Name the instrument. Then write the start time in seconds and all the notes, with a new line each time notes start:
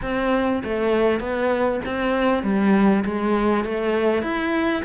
cello
0.02 C4
0.64 A3
1.20 B3
1.85 C4
2.43 G3
3.04 G#3
3.64 A3
4.22 E4